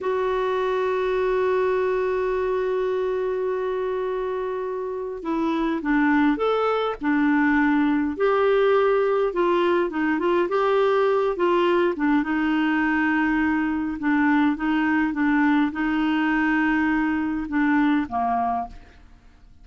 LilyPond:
\new Staff \with { instrumentName = "clarinet" } { \time 4/4 \tempo 4 = 103 fis'1~ | fis'1~ | fis'4 e'4 d'4 a'4 | d'2 g'2 |
f'4 dis'8 f'8 g'4. f'8~ | f'8 d'8 dis'2. | d'4 dis'4 d'4 dis'4~ | dis'2 d'4 ais4 | }